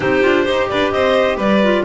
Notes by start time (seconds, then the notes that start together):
0.00 C4 D#4 G4 C5
0.22 D4 F4
0.44 D#4 G4 C5
0.69 D4 B4 D5
0.91 C4 C5 D#5
1.36 G3 B4 D5
1.62 F4